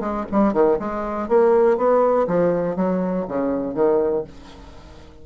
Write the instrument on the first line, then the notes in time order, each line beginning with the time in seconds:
bassoon
0.00 G#3
0.32 G3
0.53 D#3
0.79 G#3
1.28 A#3
1.77 B3
2.27 F3
2.76 F#3
3.28 C#3
3.74 D#3